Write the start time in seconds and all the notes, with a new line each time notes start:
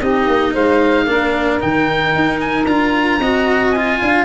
0.00 C4 D#4 G4 D#5
0.28 A#3
0.53 G#3 C5 F5
1.06 A#3 D4 A#4
1.60 D#3 D#4 G5
2.15 D#4
2.40 G#5
2.66 D4 F4 A#5
3.20 C4 F#4 D#5
3.72 F4 G#5
4.02 D4 F5